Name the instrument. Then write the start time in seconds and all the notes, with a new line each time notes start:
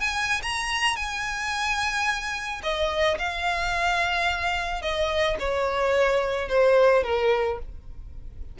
violin
0.00 G#5
0.43 A#5
0.96 G#5
2.63 D#5
3.19 F5
4.82 D#5
5.39 C#5
6.49 C5
7.03 A#4